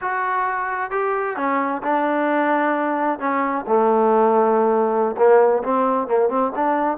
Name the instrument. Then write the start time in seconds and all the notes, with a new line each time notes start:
trombone
0.01 F#4
0.91 G4
1.36 C#4
1.82 D4
3.19 C#4
3.67 A3
5.17 A#3
5.63 C4
6.07 A#3
6.29 C4
6.55 D4